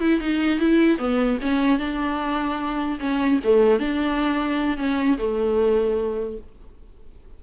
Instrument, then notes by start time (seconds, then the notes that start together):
viola
0.00 E4
0.20 D#4
0.59 E4
0.98 B3
1.41 C#4
1.78 D4
2.99 C#4
3.43 A3
3.79 D4
4.77 C#4
5.17 A3